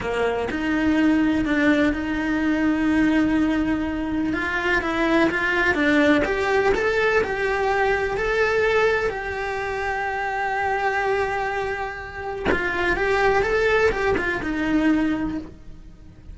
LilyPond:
\new Staff \with { instrumentName = "cello" } { \time 4/4 \tempo 4 = 125 ais4 dis'2 d'4 | dis'1~ | dis'4 f'4 e'4 f'4 | d'4 g'4 a'4 g'4~ |
g'4 a'2 g'4~ | g'1~ | g'2 f'4 g'4 | a'4 g'8 f'8 dis'2 | }